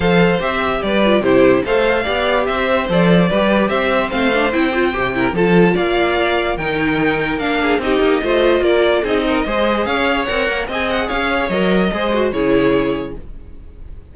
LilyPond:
<<
  \new Staff \with { instrumentName = "violin" } { \time 4/4 \tempo 4 = 146 f''4 e''4 d''4 c''4 | f''2 e''4 d''4~ | d''4 e''4 f''4 g''4~ | g''4 a''4 f''2 |
g''2 f''4 dis''4~ | dis''4 d''4 dis''2 | f''4 fis''4 gis''8 fis''8 f''4 | dis''2 cis''2 | }
  \new Staff \with { instrumentName = "violin" } { \time 4/4 c''2 b'4 g'4 | c''4 d''4 c''2 | b'4 c''2.~ | c''8 ais'8 a'4 d''2 |
ais'2~ ais'8 gis'8 g'4 | c''4 ais'4 gis'8 ais'8 c''4 | cis''2 dis''4 cis''4~ | cis''4 c''4 gis'2 | }
  \new Staff \with { instrumentName = "viola" } { \time 4/4 a'4 g'4. f'8 e'4 | a'4 g'2 a'4 | g'2 c'8 d'8 e'8 f'8 | g'8 e'8 f'2. |
dis'2 d'4 dis'4 | f'2 dis'4 gis'4~ | gis'4 ais'4 gis'2 | ais'4 gis'8 fis'8 e'2 | }
  \new Staff \with { instrumentName = "cello" } { \time 4/4 f4 c'4 g4 c4 | a4 b4 c'4 f4 | g4 c'4 a4 c'4 | c4 f4 ais2 |
dis2 ais4 c'8 ais8 | a4 ais4 c'4 gis4 | cis'4 c'8 ais8 c'4 cis'4 | fis4 gis4 cis2 | }
>>